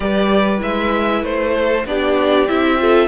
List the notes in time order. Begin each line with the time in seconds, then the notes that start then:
0.00 G3 G4 B4 D5
0.58 G#3 E4 E5
1.23 A3 C5
1.54 A4
1.85 B3 D4 G4 D5
2.48 C4 E4 E5
2.78 F4 A4